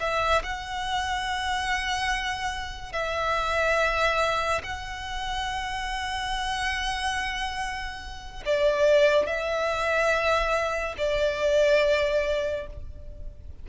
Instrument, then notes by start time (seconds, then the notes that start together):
violin
0.00 E5
0.43 F#5
2.92 E5
4.63 F#5
8.45 D5
9.26 E5
10.97 D5